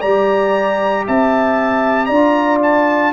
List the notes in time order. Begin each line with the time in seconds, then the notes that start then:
0.00 G3 G4 D5 A#5
1.06 C4 E5 A5
2.05 D4 F4 D5 A#5
2.62 A5